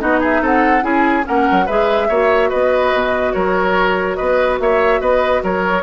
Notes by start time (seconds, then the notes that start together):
0.00 B3 D#4 F#4 D#5
0.20 G#4 E5
0.42 C4 A4 F#5
0.82 C#4 E4 G#4 G#5
1.23 A#3 C#4 A#4 F#5
1.51 F#3
1.66 G#3 G#4 B4 E5
2.09 A#3 F#4 C#5
2.50 B3 B4 D#5
2.94 B2
3.33 F#3 A#4 C#5
4.16 B3 B4 D#5
4.60 A#3 C#5 E5
5.01 B3 B4 D#5
5.44 F#3 A#4 C#5